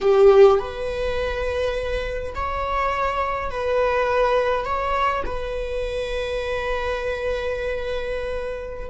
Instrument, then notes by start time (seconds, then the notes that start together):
viola
0.00 G4
0.59 B4
2.35 C#5
3.50 B4
4.65 C#5
5.25 B4